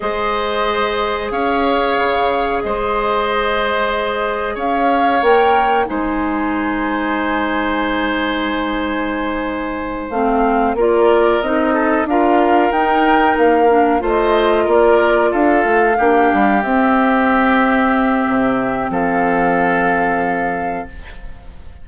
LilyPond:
<<
  \new Staff \with { instrumentName = "flute" } { \time 4/4 \tempo 4 = 92 dis''2 f''2 | dis''2. f''4 | g''4 gis''2.~ | gis''2.~ gis''8 f''8~ |
f''8 d''4 dis''4 f''4 g''8~ | g''8 f''4 dis''4 d''4 f''8~ | f''4. e''2~ e''8~ | e''4 f''2. | }
  \new Staff \with { instrumentName = "oboe" } { \time 4/4 c''2 cis''2 | c''2. cis''4~ | cis''4 c''2.~ | c''1~ |
c''8 ais'4. a'8 ais'4.~ | ais'4. c''4 ais'4 a'8~ | a'8 g'2.~ g'8~ | g'4 a'2. | }
  \new Staff \with { instrumentName = "clarinet" } { \time 4/4 gis'1~ | gis'1 | ais'4 dis'2.~ | dis'2.~ dis'8 c'8~ |
c'8 f'4 dis'4 f'4 dis'8~ | dis'4 d'8 f'2~ f'8~ | f'8 d'4 c'2~ c'8~ | c'1 | }
  \new Staff \with { instrumentName = "bassoon" } { \time 4/4 gis2 cis'4 cis4 | gis2. cis'4 | ais4 gis2.~ | gis2.~ gis8 a8~ |
a8 ais4 c'4 d'4 dis'8~ | dis'8 ais4 a4 ais4 d'8 | a8 ais8 g8 c'2~ c'8 | c4 f2. | }
>>